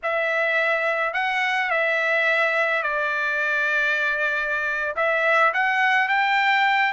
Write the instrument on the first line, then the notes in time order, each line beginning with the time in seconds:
trumpet
0.02 E5
1.13 F#5
1.70 E5
2.82 D5
4.96 E5
5.53 F#5
6.08 G5